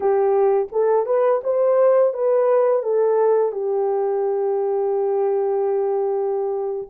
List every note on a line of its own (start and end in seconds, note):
0.00 0.67 G4
0.72 1.06 A4
1.06 1.41 B4
1.43 2.13 C5
2.13 2.82 B4
2.82 3.52 A4
3.52 6.87 G4